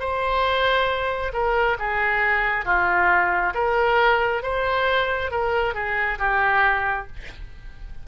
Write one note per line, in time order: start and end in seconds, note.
0.00 1.32 C5
1.33 1.77 A#4
1.79 2.66 G#4
2.66 3.54 F4
3.55 4.43 A#4
4.43 5.31 C5
5.31 5.74 A#4
5.74 6.18 G#4
6.19 7.07 G4